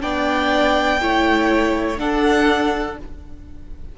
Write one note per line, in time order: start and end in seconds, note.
0.00 1.01 B3
0.00 0.98 D4
0.00 1.00 D5
0.00 1.98 G5
1.00 1.99 A3
1.00 1.97 E4
1.00 1.99 C#5
1.97 2.95 D4
1.97 2.97 D4
1.97 2.98 A4
1.97 2.97 F#5